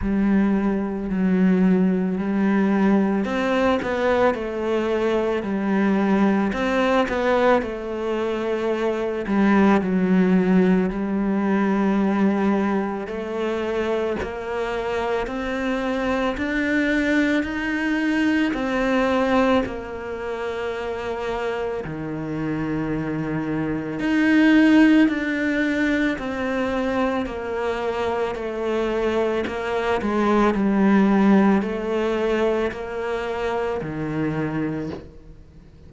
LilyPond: \new Staff \with { instrumentName = "cello" } { \time 4/4 \tempo 4 = 55 g4 fis4 g4 c'8 b8 | a4 g4 c'8 b8 a4~ | a8 g8 fis4 g2 | a4 ais4 c'4 d'4 |
dis'4 c'4 ais2 | dis2 dis'4 d'4 | c'4 ais4 a4 ais8 gis8 | g4 a4 ais4 dis4 | }